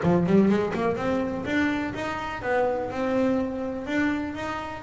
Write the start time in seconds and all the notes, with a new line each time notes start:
0.02 F3
0.26 G3
0.48 G#3
0.73 A#3
0.96 C4
1.45 D4
1.94 D#4
2.42 B3
2.90 C4
3.86 D4
4.35 D#4